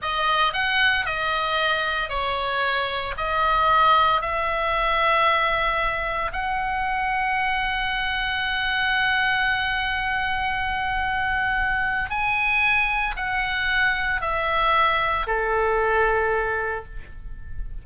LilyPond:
\new Staff \with { instrumentName = "oboe" } { \time 4/4 \tempo 4 = 114 dis''4 fis''4 dis''2 | cis''2 dis''2 | e''1 | fis''1~ |
fis''1~ | fis''2. gis''4~ | gis''4 fis''2 e''4~ | e''4 a'2. | }